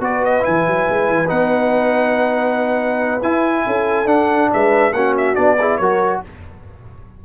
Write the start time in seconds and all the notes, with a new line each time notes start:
0.00 B3 F#4 B4 D5
0.25 D#5
0.40 E4 G#5
0.48 E3
0.67 F#3
0.90 G#3
1.10 E3
1.27 B3 D#4 F#5
3.22 E4 G#5
3.67 C#4 A4
4.06 D4 F#5
4.53 G#3 B4 E5
4.93 A#3 C#4 F#4 F#5
5.17 E5
5.35 B3 D4 D5
5.60 E4 G#4
5.77 F#3 F#4 A#4 C#5